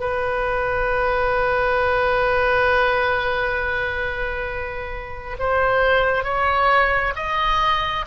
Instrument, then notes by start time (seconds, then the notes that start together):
oboe
0.00 B4
5.39 C5
6.24 C#5
7.16 D#5